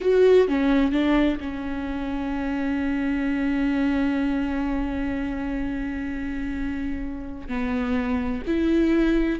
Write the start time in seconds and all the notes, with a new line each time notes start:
0.01 F#4
0.48 C#4
0.91 D4
1.40 C#4
7.48 B3
8.47 E4